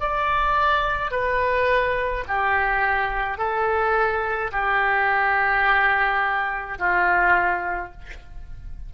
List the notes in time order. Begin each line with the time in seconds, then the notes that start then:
0.00 D5
1.11 B4
2.28 G4
3.38 A4
4.52 G4
6.79 F4